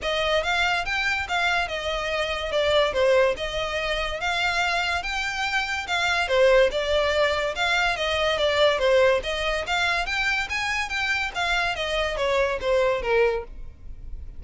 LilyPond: \new Staff \with { instrumentName = "violin" } { \time 4/4 \tempo 4 = 143 dis''4 f''4 g''4 f''4 | dis''2 d''4 c''4 | dis''2 f''2 | g''2 f''4 c''4 |
d''2 f''4 dis''4 | d''4 c''4 dis''4 f''4 | g''4 gis''4 g''4 f''4 | dis''4 cis''4 c''4 ais'4 | }